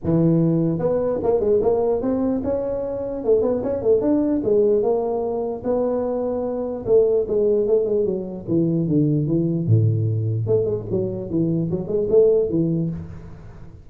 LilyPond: \new Staff \with { instrumentName = "tuba" } { \time 4/4 \tempo 4 = 149 e2 b4 ais8 gis8 | ais4 c'4 cis'2 | a8 b8 cis'8 a8 d'4 gis4 | ais2 b2~ |
b4 a4 gis4 a8 gis8 | fis4 e4 d4 e4 | a,2 a8 gis8 fis4 | e4 fis8 gis8 a4 e4 | }